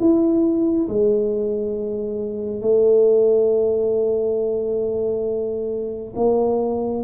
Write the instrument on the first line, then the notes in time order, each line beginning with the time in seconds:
tuba
0.00 E4
0.89 G#3
2.61 A3
6.16 A#3